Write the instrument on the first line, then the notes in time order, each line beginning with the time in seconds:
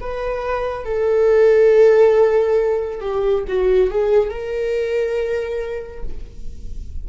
viola
0.00 B4
0.85 A4
3.00 G4
3.47 F#4
3.91 G#4
4.30 A#4